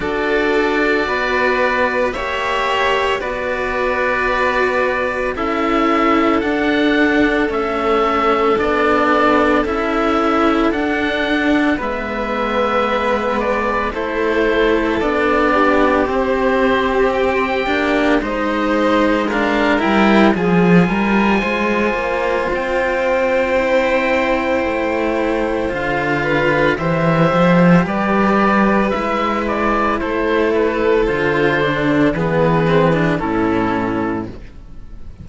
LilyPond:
<<
  \new Staff \with { instrumentName = "oboe" } { \time 4/4 \tempo 4 = 56 d''2 e''4 d''4~ | d''4 e''4 fis''4 e''4 | d''4 e''4 fis''4 e''4~ | e''8 d''8 c''4 d''4 c''4 |
g''4 dis''4 f''8 g''8 gis''4~ | gis''4 g''2. | f''4 e''4 d''4 e''8 d''8 | c''8 b'8 c''4 b'4 a'4 | }
  \new Staff \with { instrumentName = "violin" } { \time 4/4 a'4 b'4 cis''4 b'4~ | b'4 a'2.~ | a'2. b'4~ | b'4 a'4. g'4.~ |
g'4 c''4 ais'4 gis'8 ais'8 | c''1~ | c''8 b'8 c''4 b'2 | a'2 gis'4 e'4 | }
  \new Staff \with { instrumentName = "cello" } { \time 4/4 fis'2 g'4 fis'4~ | fis'4 e'4 d'4 cis'4 | d'4 e'4 d'4 b4~ | b4 e'4 d'4 c'4~ |
c'8 d'8 dis'4 d'8 e'8 f'4~ | f'2 e'2 | f'4 g'2 e'4~ | e'4 f'8 d'8 b8 c'16 d'16 cis'4 | }
  \new Staff \with { instrumentName = "cello" } { \time 4/4 d'4 b4 ais4 b4~ | b4 cis'4 d'4 a4 | b4 cis'4 d'4 gis4~ | gis4 a4 b4 c'4~ |
c'8 ais8 gis4. g8 f8 g8 | gis8 ais8 c'2 a4 | d4 e8 f8 g4 gis4 | a4 d4 e4 a,4 | }
>>